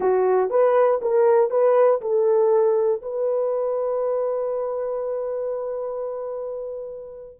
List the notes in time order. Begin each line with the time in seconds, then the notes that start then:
0.00 F#4
0.50 B4
1.01 A#4
1.50 B4
2.01 A4
3.02 B4